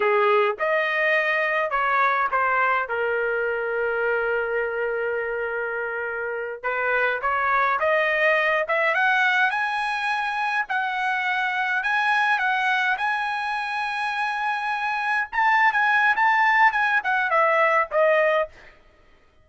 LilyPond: \new Staff \with { instrumentName = "trumpet" } { \time 4/4 \tempo 4 = 104 gis'4 dis''2 cis''4 | c''4 ais'2.~ | ais'2.~ ais'8 b'8~ | b'8 cis''4 dis''4. e''8 fis''8~ |
fis''8 gis''2 fis''4.~ | fis''8 gis''4 fis''4 gis''4.~ | gis''2~ gis''8 a''8. gis''8. | a''4 gis''8 fis''8 e''4 dis''4 | }